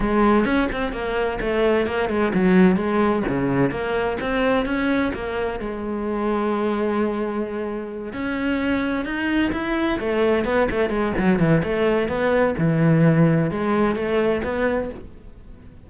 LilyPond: \new Staff \with { instrumentName = "cello" } { \time 4/4 \tempo 4 = 129 gis4 cis'8 c'8 ais4 a4 | ais8 gis8 fis4 gis4 cis4 | ais4 c'4 cis'4 ais4 | gis1~ |
gis4. cis'2 dis'8~ | dis'8 e'4 a4 b8 a8 gis8 | fis8 e8 a4 b4 e4~ | e4 gis4 a4 b4 | }